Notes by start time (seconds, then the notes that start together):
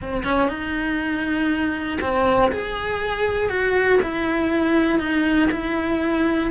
0.01 C4
0.24 C#4
0.48 D#4
2.01 C4
2.52 G#4
3.49 F#4
4.02 E4
4.99 D#4
5.51 E4